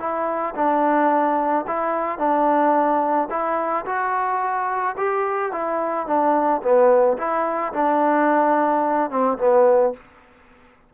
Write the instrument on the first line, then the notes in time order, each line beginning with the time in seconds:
trombone
0.00 E4
0.56 D4
1.68 E4
2.19 D4
3.31 E4
3.86 F#4
4.98 G4
5.52 E4
6.07 D4
6.63 B3
7.18 E4
7.74 D4
9.11 C4
9.39 B3